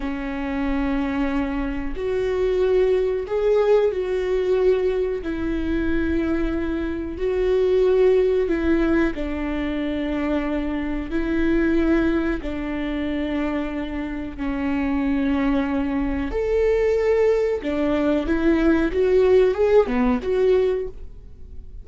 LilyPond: \new Staff \with { instrumentName = "viola" } { \time 4/4 \tempo 4 = 92 cis'2. fis'4~ | fis'4 gis'4 fis'2 | e'2. fis'4~ | fis'4 e'4 d'2~ |
d'4 e'2 d'4~ | d'2 cis'2~ | cis'4 a'2 d'4 | e'4 fis'4 gis'8 b8 fis'4 | }